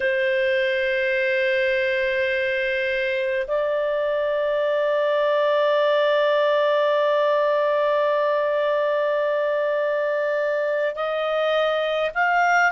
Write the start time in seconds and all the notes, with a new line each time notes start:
0.00 C5
3.47 D5
10.95 D#5
12.14 F5